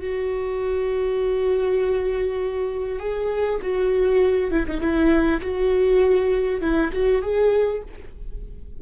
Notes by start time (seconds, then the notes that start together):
0.00 F#4
2.99 G#4
3.62 F#4
4.51 E4
4.67 D#4
4.80 E4
5.41 F#4
6.61 E4
6.93 F#4
7.22 G#4